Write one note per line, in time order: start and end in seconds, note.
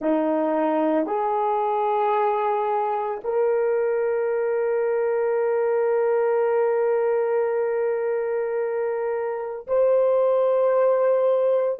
0.00 1.06 D#4
1.06 3.20 G#4
3.24 9.67 A#4
9.67 11.79 C5